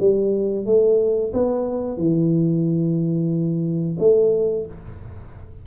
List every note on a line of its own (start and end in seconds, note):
0.00 0.66 G3
0.66 1.33 A3
1.34 1.98 B3
1.98 3.98 E3
3.99 4.66 A3